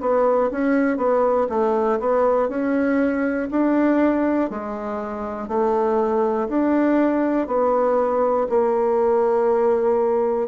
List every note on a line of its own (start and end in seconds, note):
0.00 0.50 B3
0.51 0.97 C#4
0.97 1.47 B3
1.49 1.99 A3
1.99 2.49 B3
2.49 3.49 C#4
3.50 4.50 D4
4.50 5.48 G#3
5.48 6.48 A3
6.48 7.47 D4
7.47 8.47 B3
8.49 10.48 A#3